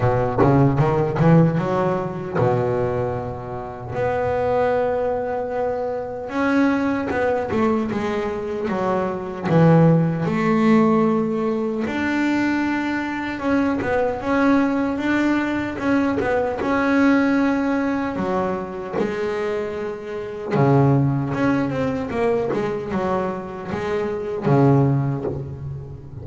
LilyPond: \new Staff \with { instrumentName = "double bass" } { \time 4/4 \tempo 4 = 76 b,8 cis8 dis8 e8 fis4 b,4~ | b,4 b2. | cis'4 b8 a8 gis4 fis4 | e4 a2 d'4~ |
d'4 cis'8 b8 cis'4 d'4 | cis'8 b8 cis'2 fis4 | gis2 cis4 cis'8 c'8 | ais8 gis8 fis4 gis4 cis4 | }